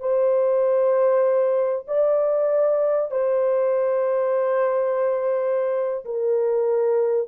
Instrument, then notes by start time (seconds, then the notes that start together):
horn
0.00 C5
1.88 D5
3.11 C5
6.05 A#4